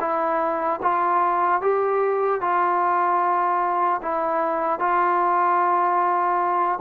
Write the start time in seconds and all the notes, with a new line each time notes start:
0.00 E4
0.82 F4
1.61 G4
2.41 F4
4.02 E4
4.79 F4